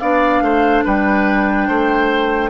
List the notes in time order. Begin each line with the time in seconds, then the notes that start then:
0.00 B3 D4 D5 F5
0.42 A3 C5
0.85 G3 B4 G5
1.68 A3 C5